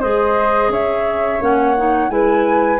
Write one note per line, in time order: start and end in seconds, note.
0.00 0.69 G#3
0.00 1.40 G#4
0.00 0.70 C5
0.00 0.71 D#5
0.69 1.39 C#4
0.69 2.11 C#5
0.69 1.42 E5
1.40 2.09 A#3
1.40 1.75 C#4
1.40 2.10 F#5
1.77 2.09 D#4
2.09 2.79 G#3
2.09 2.78 E4
2.09 2.80 B4
2.09 2.80 G#5